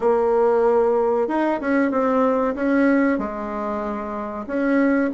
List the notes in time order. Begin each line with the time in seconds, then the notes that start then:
0.00 A#3
1.28 D#4
1.60 C#4
1.91 C4
2.55 C#4
3.18 G#3
4.46 C#4